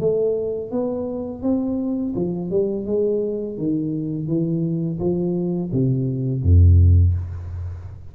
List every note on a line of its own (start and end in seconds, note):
0.00 0.71 A3
0.71 1.43 B3
1.43 2.14 C4
2.15 2.50 F3
2.50 2.86 G3
2.86 3.57 G#3
3.58 4.28 D#3
4.28 4.99 E3
5.00 5.71 F3
5.72 6.43 C3
6.43 7.14 F2